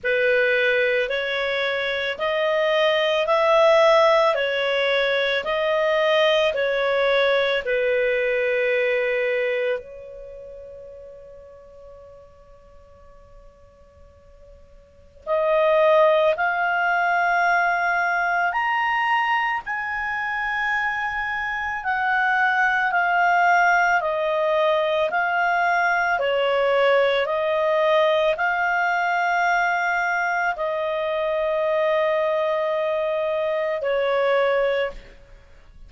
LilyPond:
\new Staff \with { instrumentName = "clarinet" } { \time 4/4 \tempo 4 = 55 b'4 cis''4 dis''4 e''4 | cis''4 dis''4 cis''4 b'4~ | b'4 cis''2.~ | cis''2 dis''4 f''4~ |
f''4 ais''4 gis''2 | fis''4 f''4 dis''4 f''4 | cis''4 dis''4 f''2 | dis''2. cis''4 | }